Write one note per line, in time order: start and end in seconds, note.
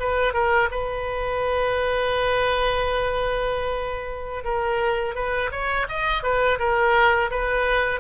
0.00 0.34 B4
0.34 0.69 A#4
0.71 4.44 B4
4.44 5.15 A#4
5.15 5.51 B4
5.52 5.87 C#5
5.89 6.23 D#5
6.23 6.59 B4
6.59 7.31 A#4
7.31 8.00 B4